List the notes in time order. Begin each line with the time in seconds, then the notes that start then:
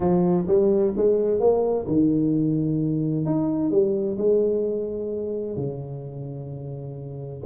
0.00 F3
0.47 G3
0.96 G#3
1.40 A#3
1.87 D#3
3.25 D#4
3.70 G3
4.17 G#3
5.56 C#3